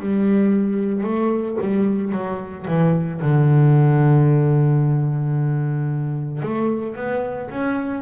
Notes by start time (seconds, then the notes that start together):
0.00 G3
1.04 A3
1.61 G3
2.12 F#3
2.67 E3
3.21 D3
6.42 A3
6.96 B3
7.50 C#4